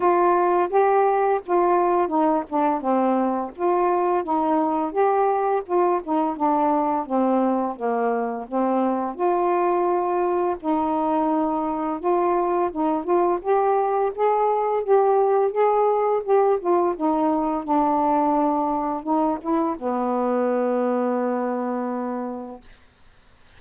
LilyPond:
\new Staff \with { instrumentName = "saxophone" } { \time 4/4 \tempo 4 = 85 f'4 g'4 f'4 dis'8 d'8 | c'4 f'4 dis'4 g'4 | f'8 dis'8 d'4 c'4 ais4 | c'4 f'2 dis'4~ |
dis'4 f'4 dis'8 f'8 g'4 | gis'4 g'4 gis'4 g'8 f'8 | dis'4 d'2 dis'8 e'8 | b1 | }